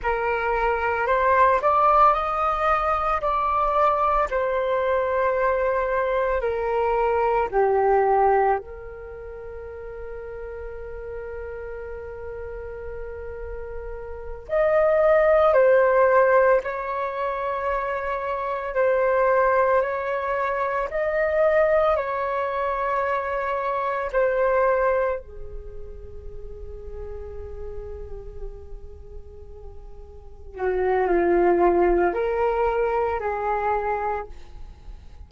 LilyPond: \new Staff \with { instrumentName = "flute" } { \time 4/4 \tempo 4 = 56 ais'4 c''8 d''8 dis''4 d''4 | c''2 ais'4 g'4 | ais'1~ | ais'4. dis''4 c''4 cis''8~ |
cis''4. c''4 cis''4 dis''8~ | dis''8 cis''2 c''4 gis'8~ | gis'1~ | gis'8 fis'8 f'4 ais'4 gis'4 | }